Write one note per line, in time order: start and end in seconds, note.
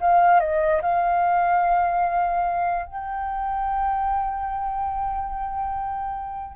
0.00 0.40 F5
0.40 0.81 D#5
0.81 2.86 F5
2.86 6.56 G5